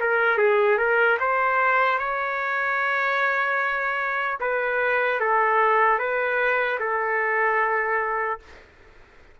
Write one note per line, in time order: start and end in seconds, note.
0.00 0.37 A#4
0.37 0.77 G#4
0.77 1.17 A#4
1.20 1.98 C5
1.98 4.38 C#5
4.40 5.20 B4
5.20 5.99 A4
5.99 6.79 B4
6.80 8.40 A4